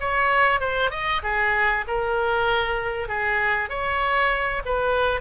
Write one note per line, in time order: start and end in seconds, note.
0.00 0.60 C#5
0.60 0.91 C5
0.91 1.21 D#5
1.23 1.85 G#4
1.87 3.08 A#4
3.08 3.69 G#4
3.69 4.62 C#5
4.65 5.20 B4